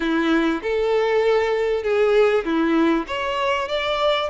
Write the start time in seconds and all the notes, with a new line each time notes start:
0.00 E4
0.62 A4
1.83 G#4
2.44 E4
3.07 C#5
3.68 D5